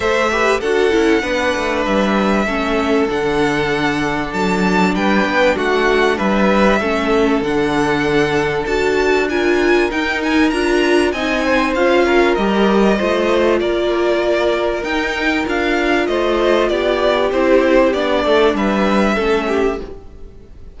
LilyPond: <<
  \new Staff \with { instrumentName = "violin" } { \time 4/4 \tempo 4 = 97 e''4 fis''2 e''4~ | e''4 fis''2 a''4 | g''4 fis''4 e''2 | fis''2 a''4 gis''4 |
g''8 gis''8 ais''4 gis''4 f''4 | dis''2 d''2 | g''4 f''4 dis''4 d''4 | c''4 d''4 e''2 | }
  \new Staff \with { instrumentName = "violin" } { \time 4/4 c''8 b'8 a'4 b'2 | a'1 | b'4 fis'4 b'4 a'4~ | a'2. ais'4~ |
ais'2 dis''8 c''4 ais'8~ | ais'4 c''4 ais'2~ | ais'2 c''4 g'4~ | g'4. a'8 b'4 a'8 g'8 | }
  \new Staff \with { instrumentName = "viola" } { \time 4/4 a'8 g'8 fis'8 e'8 d'2 | cis'4 d'2.~ | d'2. cis'4 | d'2 fis'4 f'4 |
dis'4 f'4 dis'4 f'4 | g'4 f'2. | dis'4 f'2. | e'4 d'2 cis'4 | }
  \new Staff \with { instrumentName = "cello" } { \time 4/4 a4 d'8 cis'8 b8 a8 g4 | a4 d2 fis4 | g8 b8 a4 g4 a4 | d2 d'2 |
dis'4 d'4 c'4 cis'4 | g4 a4 ais2 | dis'4 d'4 a4 b4 | c'4 b8 a8 g4 a4 | }
>>